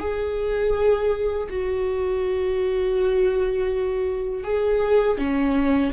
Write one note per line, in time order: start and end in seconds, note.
0.00 1.48 G#4
1.50 4.44 F#4
4.44 5.18 G#4
5.19 5.93 C#4